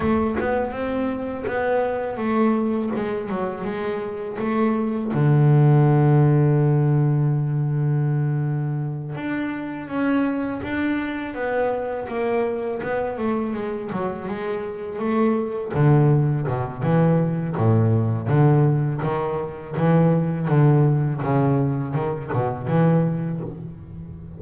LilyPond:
\new Staff \with { instrumentName = "double bass" } { \time 4/4 \tempo 4 = 82 a8 b8 c'4 b4 a4 | gis8 fis8 gis4 a4 d4~ | d1~ | d8 d'4 cis'4 d'4 b8~ |
b8 ais4 b8 a8 gis8 fis8 gis8~ | gis8 a4 d4 b,8 e4 | a,4 d4 dis4 e4 | d4 cis4 dis8 b,8 e4 | }